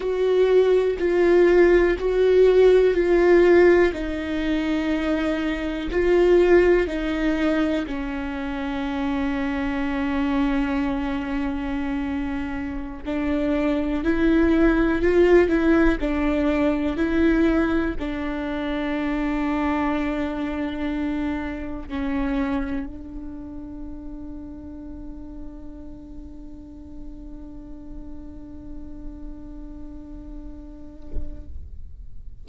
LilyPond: \new Staff \with { instrumentName = "viola" } { \time 4/4 \tempo 4 = 61 fis'4 f'4 fis'4 f'4 | dis'2 f'4 dis'4 | cis'1~ | cis'4~ cis'16 d'4 e'4 f'8 e'16~ |
e'16 d'4 e'4 d'4.~ d'16~ | d'2~ d'16 cis'4 d'8.~ | d'1~ | d'1 | }